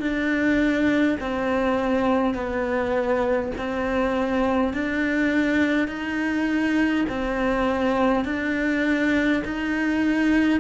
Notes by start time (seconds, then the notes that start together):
0.00 D4
1.20 C4
2.34 B3
3.58 C4
4.74 D4
5.88 D#4
7.09 C4
8.25 D4
9.45 D#4